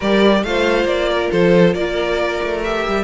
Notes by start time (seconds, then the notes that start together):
0.00 G3 G4 A#4 D5
0.43 A3 F4 C5 F5
0.84 A#3 D5
1.09 A#4
1.31 F3 A4 C5
1.74 A#3 A#4 D5
2.43 A3
2.63 G4 E5
2.87 G3